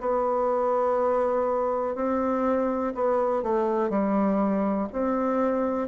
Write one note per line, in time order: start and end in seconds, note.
0.00 1.95 B3
1.95 2.94 C4
2.95 3.43 B3
3.43 3.90 A3
3.90 4.88 G3
4.93 5.88 C4